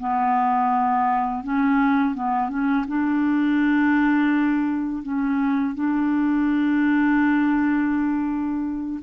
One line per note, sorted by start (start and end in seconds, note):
0.00 1.44 B3
1.44 2.15 C#4
2.15 2.49 B3
2.49 2.86 C#4
2.88 5.03 D4
5.03 5.75 C#4
5.75 9.00 D4